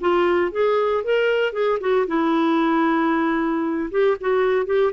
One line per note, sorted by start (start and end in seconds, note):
0.00 0.51 F4
0.51 1.03 G#4
1.04 1.52 A#4
1.52 1.78 G#4
1.80 2.06 F#4
2.07 3.89 E4
3.90 4.16 G4
4.20 4.66 F#4
4.66 4.92 G4